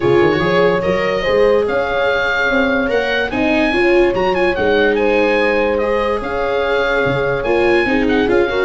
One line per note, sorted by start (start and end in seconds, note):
0.00 0.20 C#3
0.00 0.32 F4
0.00 0.40 G#4
0.00 0.81 C#5
0.20 0.38 D#3
0.32 0.39 F#4
0.38 0.79 F3
0.38 0.81 G#4
0.38 1.21 C#5
0.81 1.27 F#3
0.81 1.23 A#4
0.81 1.64 D#5
1.21 1.68 G#3
1.21 2.87 G#4
1.21 1.63 C5
1.66 2.50 C#4
1.66 3.31 C#5
1.66 2.90 F5
2.50 2.89 C4
2.87 3.31 A#3
2.87 3.29 A#4
2.87 3.30 F#5
3.30 3.72 C4
3.30 3.72 D#4
3.30 3.73 D#5
3.30 4.13 G#5
3.72 4.13 C#4
3.72 4.13 F4
3.72 4.96 C#5
4.14 4.56 F#3
4.14 4.34 F#4
4.14 4.34 A#5
4.34 4.55 F4
4.34 4.55 G#5
4.55 6.21 G#3
4.55 5.80 D#4
4.55 4.95 F#5
4.95 6.19 C5
4.95 5.77 G#5
5.77 7.45 G#4
5.77 6.19 D#5
6.19 7.04 C#4
6.19 7.85 C#5
6.19 7.43 F5
7.05 7.44 C#3
7.43 7.85 A#3
7.43 7.86 F4
7.43 8.05 G#5
7.85 8.26 C4
7.85 8.27 D#4
7.85 8.49 G#4
8.08 8.29 F#5
8.27 8.64 C#4
8.27 8.47 F4
8.27 8.64 F5
8.49 8.64 F#4
8.49 8.64 A#4